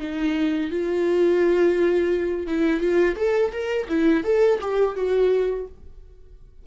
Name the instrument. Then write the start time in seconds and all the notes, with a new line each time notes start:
viola
0.00 D#4
0.71 F4
2.47 E4
2.80 F4
3.16 A4
3.52 A#4
3.89 E4
4.24 A4
4.61 G4
4.96 F#4